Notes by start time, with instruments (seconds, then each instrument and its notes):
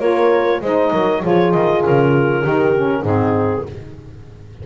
0.00 double bass A#3, saxophone F4, horn A#4, clarinet C#5
0.61 double bass G#3, saxophone D#4, horn C5, clarinet D#5
0.93 double bass F#3, horn A#4
1.22 double bass F3, saxophone F4, horn G#4, clarinet C#5
1.52 double bass D#3, clarinet D#5
1.84 double bass C#3, clarinet A#4
2.42 double bass D#3, saxophone D#4, horn G4
2.76 saxophone C#4
3.03 double bass G#2, saxophone C4, horn D#4, clarinet G#4